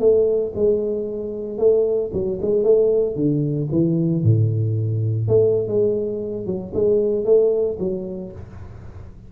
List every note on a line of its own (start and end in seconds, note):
0.00 0.53 A3
0.55 1.58 G#3
1.58 2.11 A3
2.13 2.40 F#3
2.42 2.64 G#3
2.64 3.16 A3
3.16 3.69 D3
3.72 4.24 E3
4.24 5.28 A2
5.28 5.68 A3
5.68 6.46 G#3
6.46 6.72 F#3
6.74 7.25 G#3
7.25 7.78 A3
7.79 8.32 F#3